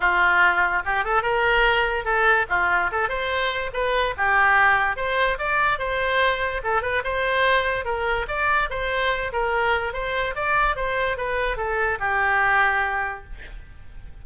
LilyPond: \new Staff \with { instrumentName = "oboe" } { \time 4/4 \tempo 4 = 145 f'2 g'8 a'8 ais'4~ | ais'4 a'4 f'4 a'8 c''8~ | c''4 b'4 g'2 | c''4 d''4 c''2 |
a'8 b'8 c''2 ais'4 | d''4 c''4. ais'4. | c''4 d''4 c''4 b'4 | a'4 g'2. | }